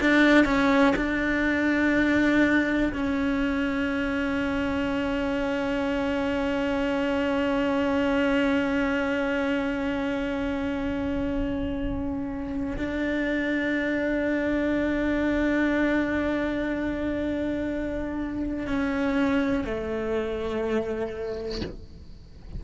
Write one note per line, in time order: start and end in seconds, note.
0.00 0.45 D4
0.45 0.94 C#4
0.96 2.92 D4
2.93 12.76 C#4
12.77 18.67 D4
18.67 19.64 C#4
19.64 21.61 A3